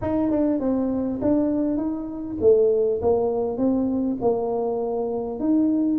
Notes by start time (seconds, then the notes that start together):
0.01 D#4
0.30 D4
0.60 C4
1.21 D4
1.77 D#4
2.41 A3
3.01 A#3
3.57 C4
4.21 A#3
5.39 D#4